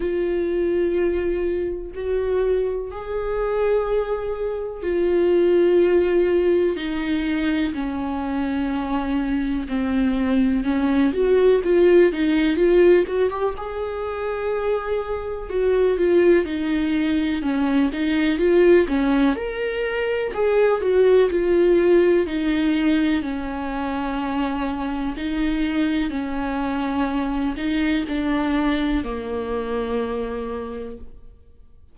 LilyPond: \new Staff \with { instrumentName = "viola" } { \time 4/4 \tempo 4 = 62 f'2 fis'4 gis'4~ | gis'4 f'2 dis'4 | cis'2 c'4 cis'8 fis'8 | f'8 dis'8 f'8 fis'16 g'16 gis'2 |
fis'8 f'8 dis'4 cis'8 dis'8 f'8 cis'8 | ais'4 gis'8 fis'8 f'4 dis'4 | cis'2 dis'4 cis'4~ | cis'8 dis'8 d'4 ais2 | }